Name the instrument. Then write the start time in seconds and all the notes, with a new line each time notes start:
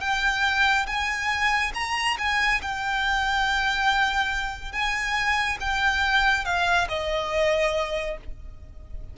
violin
0.00 G5
0.86 G#5
1.74 A#5
2.18 G#5
2.61 G5
4.72 G#5
5.60 G5
6.44 F5
6.88 D#5